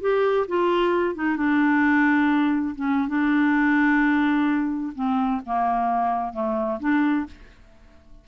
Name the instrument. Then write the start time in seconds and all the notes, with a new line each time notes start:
clarinet
0.00 G4
0.47 F4
1.15 D#4
1.36 D4
2.75 C#4
3.08 D4
4.95 C4
5.45 A#3
6.33 A3
6.80 D4